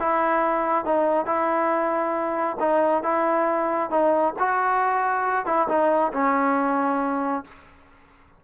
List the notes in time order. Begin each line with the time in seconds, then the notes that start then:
0.00 E4
0.85 D#4
1.26 E4
2.60 D#4
3.03 E4
3.90 D#4
4.39 F#4
5.46 E4
5.68 D#4
6.13 C#4